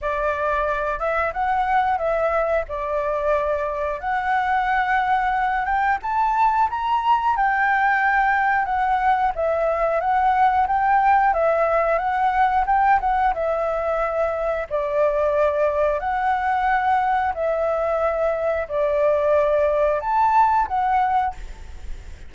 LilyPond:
\new Staff \with { instrumentName = "flute" } { \time 4/4 \tempo 4 = 90 d''4. e''8 fis''4 e''4 | d''2 fis''2~ | fis''8 g''8 a''4 ais''4 g''4~ | g''4 fis''4 e''4 fis''4 |
g''4 e''4 fis''4 g''8 fis''8 | e''2 d''2 | fis''2 e''2 | d''2 a''4 fis''4 | }